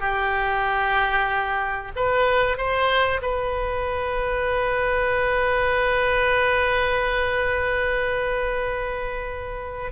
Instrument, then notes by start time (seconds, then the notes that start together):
oboe
0.00 G4
1.95 B4
2.57 C5
3.21 B4